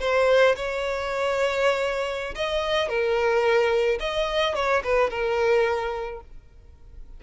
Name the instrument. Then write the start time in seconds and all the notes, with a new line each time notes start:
violin
0.00 C5
0.55 C#5
2.34 D#5
2.88 A#4
4.00 D#5
4.55 C#5
4.83 B4
5.10 A#4